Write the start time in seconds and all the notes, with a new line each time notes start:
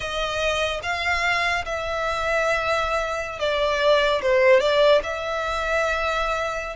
0.00 D#5
0.82 F5
1.65 E5
3.39 D5
4.21 C5
4.60 D5
5.03 E5